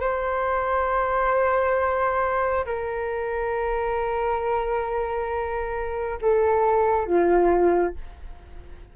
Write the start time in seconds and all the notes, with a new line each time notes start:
0.00 C5
2.65 A#4
6.21 A4
7.06 F4